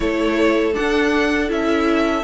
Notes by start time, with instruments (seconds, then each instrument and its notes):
0.00 cello A3, viola E4, violin A4 C#5
0.73 viola D4, violin F#5
0.79 cello D4
1.48 cello C#4, viola E4, violin E5